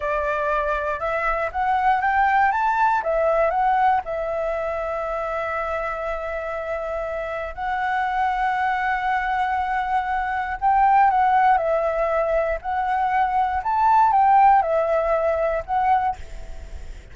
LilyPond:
\new Staff \with { instrumentName = "flute" } { \time 4/4 \tempo 4 = 119 d''2 e''4 fis''4 | g''4 a''4 e''4 fis''4 | e''1~ | e''2. fis''4~ |
fis''1~ | fis''4 g''4 fis''4 e''4~ | e''4 fis''2 a''4 | g''4 e''2 fis''4 | }